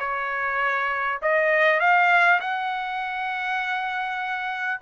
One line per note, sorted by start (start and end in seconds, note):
0.00 1.20 C#5
1.22 1.80 D#5
1.80 2.40 F5
2.41 4.81 F#5